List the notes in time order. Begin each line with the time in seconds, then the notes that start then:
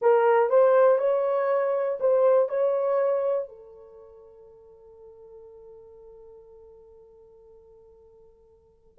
0.01 A#4
0.49 C5
0.98 C#5
2.00 C5
2.48 C#5
3.48 A4